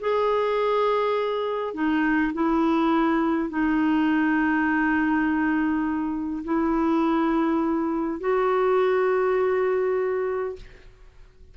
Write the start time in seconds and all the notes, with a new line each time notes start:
0.00 G#4
1.74 D#4
2.33 E4
3.49 D#4
6.44 E4
8.20 F#4